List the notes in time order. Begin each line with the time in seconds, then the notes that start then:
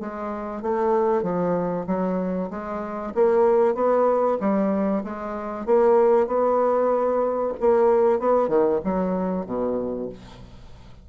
0.00 G#3
0.62 A3
1.23 F3
1.87 F#3
2.50 G#3
3.15 A#3
3.75 B3
4.40 G3
5.04 G#3
5.66 A#3
6.27 B3
7.60 A#3
8.19 B3
8.48 D#3
8.84 F#3
9.46 B2